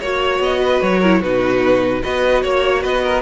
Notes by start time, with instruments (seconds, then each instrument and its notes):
0.00 cello A#3, viola F#4, violin C#5
0.40 cello B3, violin D#5
0.60 violin B4
0.83 cello F#3, violin C#5
1.00 viola E4, violin A#4
1.20 cello B2, viola D#4, violin F#4 B4
2.03 cello B3, viola F#4, violin B4 D#5
2.43 cello A#3, violin C#5
2.83 cello B3, violin B4 D#5
3.04 violin A#4